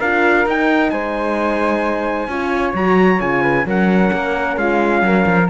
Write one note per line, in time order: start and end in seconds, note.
0.00 0.46 D4
0.00 0.47 F4
0.00 0.92 A#4
0.00 0.47 F5
0.46 0.92 D#4
0.46 2.30 D#4
0.46 0.90 G5
0.90 2.28 G#3
0.90 2.29 C5
0.90 2.74 G#5
2.28 2.74 C#4
2.28 2.75 F4
2.28 3.43 C#5
2.74 3.20 F#3
2.74 3.20 F#4
2.74 3.21 A#5
3.20 3.66 C#3
3.20 3.65 F4
3.20 3.67 G#5
3.43 3.65 B4
3.65 4.11 F#3
3.65 5.48 C#4
3.65 4.59 A#4
3.65 4.58 F#5
4.13 4.57 A#3
4.57 5.03 G#3
4.57 5.05 F4
4.57 5.50 F5
5.03 5.26 F#3
5.03 5.50 A#4
5.27 5.50 F3